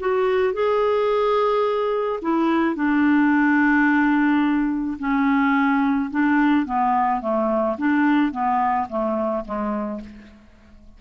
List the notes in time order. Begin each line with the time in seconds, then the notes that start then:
0.00 F#4
0.54 G#4
2.22 E4
2.76 D4
4.99 C#4
6.11 D4
6.66 B3
7.21 A3
7.78 D4
8.32 B3
8.89 A3
9.45 G#3